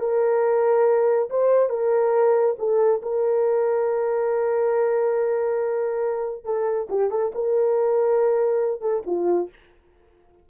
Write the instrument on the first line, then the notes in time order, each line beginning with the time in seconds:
horn
0.00 A#4
1.30 C5
1.70 A#4
2.59 A4
3.02 A#4
6.45 A4
6.89 G4
7.11 A4
7.35 A#4
8.81 A4
9.06 F4